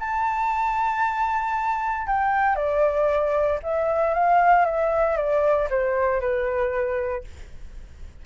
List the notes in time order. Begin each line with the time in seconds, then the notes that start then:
0.00 A5
2.07 G5
2.56 D5
3.63 E5
4.14 F5
4.66 E5
5.17 D5
5.70 C5
6.21 B4